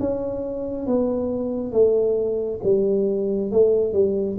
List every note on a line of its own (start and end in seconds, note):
0.00 0.86 C#4
0.86 1.72 B3
1.72 2.60 A3
2.63 3.51 G3
3.51 3.93 A3
3.93 4.37 G3